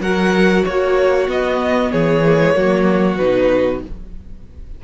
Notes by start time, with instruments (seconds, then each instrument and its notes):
0.00 cello F#3, viola F#4, violin A#4 F#5
0.65 cello A#3, violin F#4 C#5
1.27 viola B3, cello B3, violin D#5
1.91 cello E3, violin G#4 C#5
2.25 viola A#3
2.38 viola G#3
2.54 cello F#3, viola A#3, violin F#4
3.17 cello B2, viola D#4, violin B4